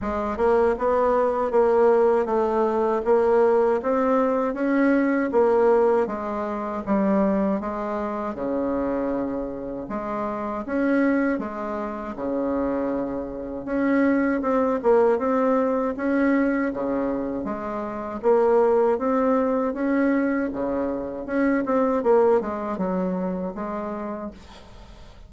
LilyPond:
\new Staff \with { instrumentName = "bassoon" } { \time 4/4 \tempo 4 = 79 gis8 ais8 b4 ais4 a4 | ais4 c'4 cis'4 ais4 | gis4 g4 gis4 cis4~ | cis4 gis4 cis'4 gis4 |
cis2 cis'4 c'8 ais8 | c'4 cis'4 cis4 gis4 | ais4 c'4 cis'4 cis4 | cis'8 c'8 ais8 gis8 fis4 gis4 | }